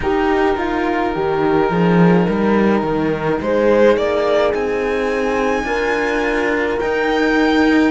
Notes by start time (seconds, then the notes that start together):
0.00 D#4 G4 A#4
0.57 F4
1.13 D#3 D#4 G4
1.70 F3 G#4
2.25 G3 A#4
2.82 D#3
3.40 G#3 G#4 C5
3.96 A#3 D5
4.54 C4 G#5
5.63 D4 F4 A#4
6.79 D#4 G5